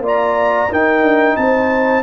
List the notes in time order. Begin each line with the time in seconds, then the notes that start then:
0.00 A#3 F4 D5
0.07 A#5
0.70 D#4 A#4 G5
1.02 D4
1.36 C4 C5 A5